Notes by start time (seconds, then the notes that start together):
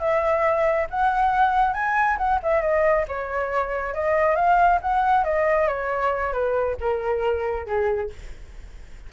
0.00 E5
0.91 F#5
1.74 G#5
2.18 F#5
2.43 E5
2.62 D#5
3.08 C#5
3.94 D#5
4.36 F5
4.82 F#5
5.24 D#5
5.68 C#5
6.33 B4
6.81 A#4
7.67 G#4